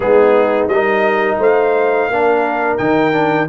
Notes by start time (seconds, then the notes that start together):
0.00 G#3 B3 D#4 G#4
0.67 G3 D#4 A#4 D#5
1.39 A3 C5 F5
2.08 A#3 D4 A#4
2.77 D#3 D#4 G5
3.12 D4